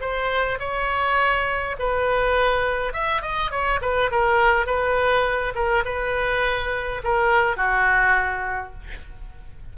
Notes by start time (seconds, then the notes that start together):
0.00 C5
0.59 C#5
1.79 B4
2.93 E5
3.21 D#5
3.51 C#5
3.81 B4
4.11 A#4
4.66 B4
5.54 A#4
5.85 B4
7.03 A#4
7.56 F#4